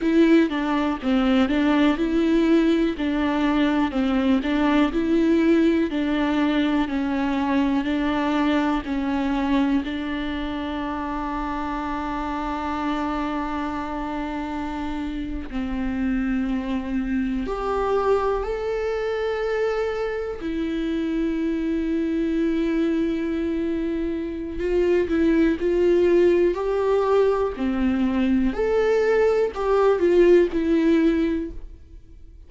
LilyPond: \new Staff \with { instrumentName = "viola" } { \time 4/4 \tempo 4 = 61 e'8 d'8 c'8 d'8 e'4 d'4 | c'8 d'8 e'4 d'4 cis'4 | d'4 cis'4 d'2~ | d'2.~ d'8. c'16~ |
c'4.~ c'16 g'4 a'4~ a'16~ | a'8. e'2.~ e'16~ | e'4 f'8 e'8 f'4 g'4 | c'4 a'4 g'8 f'8 e'4 | }